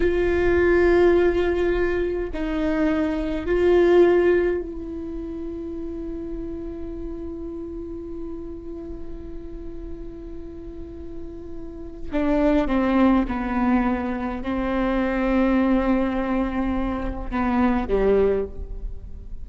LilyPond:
\new Staff \with { instrumentName = "viola" } { \time 4/4 \tempo 4 = 104 f'1 | dis'2 f'2 | e'1~ | e'1~ |
e'1~ | e'4 d'4 c'4 b4~ | b4 c'2.~ | c'2 b4 g4 | }